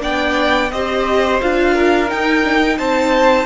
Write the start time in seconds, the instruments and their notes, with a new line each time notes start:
0.00 cello B3, viola D4, violin D5 G5
0.72 cello C4, viola G4, violin C5 D#5
1.41 cello D4, viola F4, violin F5
1.74 violin A#4
2.07 viola D#4, cello D#4, violin G5
2.43 viola D4
2.60 viola D#4
2.78 cello C4, violin C5 A5